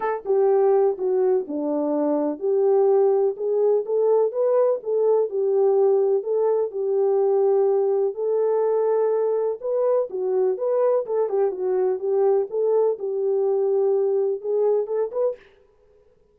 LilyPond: \new Staff \with { instrumentName = "horn" } { \time 4/4 \tempo 4 = 125 a'8 g'4. fis'4 d'4~ | d'4 g'2 gis'4 | a'4 b'4 a'4 g'4~ | g'4 a'4 g'2~ |
g'4 a'2. | b'4 fis'4 b'4 a'8 g'8 | fis'4 g'4 a'4 g'4~ | g'2 gis'4 a'8 b'8 | }